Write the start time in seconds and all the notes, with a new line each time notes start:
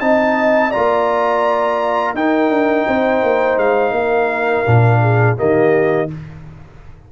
0.00 C4 D#4 D#5 A5
0.69 F4 D5 A#5
0.76 A#3
2.14 D#4 A#4 G5
2.49 D4
2.87 C4 C5
3.23 A#3
3.57 G#3 F5
3.91 A#3 A#4
4.65 A#2 D4
5.01 G#4
5.36 D#3 A#3 G4 D#5